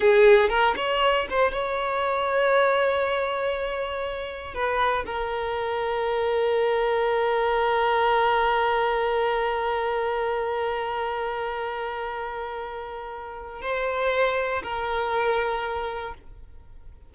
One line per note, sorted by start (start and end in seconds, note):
0.00 0.49 G#4
0.49 0.74 A#4
0.76 1.27 C#5
1.29 1.52 C5
1.52 4.54 C#5
4.54 5.04 B4
5.06 13.61 A#4
13.61 14.62 C5
14.62 16.14 A#4